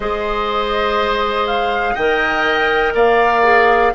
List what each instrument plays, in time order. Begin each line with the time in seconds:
0.00 bassoon G#3, clarinet G#4, oboe C5, flute D#5
1.47 flute F5
1.94 bassoon D#3, clarinet A#4, oboe D#5, flute G5
2.93 bassoon A#3, oboe D5, flute F5
3.42 clarinet G#4